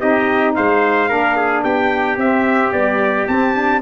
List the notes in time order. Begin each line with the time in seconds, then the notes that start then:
0.00 C4 D#4 G4 D#5
0.55 G#3 C5 F5
1.08 A#3 D4 A#4
1.37 G#4
1.64 B3 G4 G5
2.17 C4 E5
2.72 G3 B3 D5
3.28 C4 A5
3.54 D4